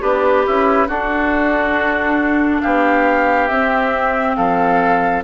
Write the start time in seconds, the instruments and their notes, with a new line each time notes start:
0.00 bassoon B3, oboe D4, clarinet G4, flute B4
0.46 bassoon C#4, oboe E4
0.87 bassoon D4, clarinet D4, oboe F#4, flute A4
2.61 bassoon B3, oboe G4, flute F5
3.48 bassoon C4, clarinet C4, flute E5
4.35 bassoon F3, oboe A4, flute F5